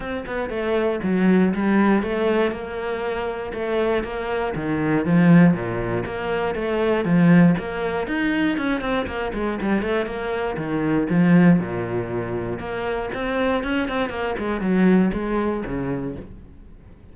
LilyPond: \new Staff \with { instrumentName = "cello" } { \time 4/4 \tempo 4 = 119 c'8 b8 a4 fis4 g4 | a4 ais2 a4 | ais4 dis4 f4 ais,4 | ais4 a4 f4 ais4 |
dis'4 cis'8 c'8 ais8 gis8 g8 a8 | ais4 dis4 f4 ais,4~ | ais,4 ais4 c'4 cis'8 c'8 | ais8 gis8 fis4 gis4 cis4 | }